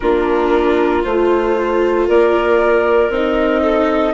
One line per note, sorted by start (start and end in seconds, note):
0.00 1.05 A#3
0.00 1.03 D4
0.00 2.07 F4
0.00 1.03 A#4
1.03 2.08 A3
1.03 3.10 F4
1.03 2.07 C5
2.07 3.09 A#3
2.07 3.61 A#4
2.07 3.11 D5
3.09 4.13 C4
3.09 4.14 D#4
3.09 4.14 D#5
3.61 4.13 A4